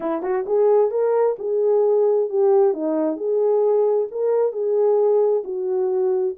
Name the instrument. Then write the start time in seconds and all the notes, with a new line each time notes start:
horn
0.00 E4
0.22 F#4
0.46 G#4
0.90 A#4
1.38 G#4
2.29 G4
2.73 D#4
3.16 G#4
4.11 A#4
4.52 G#4
5.44 F#4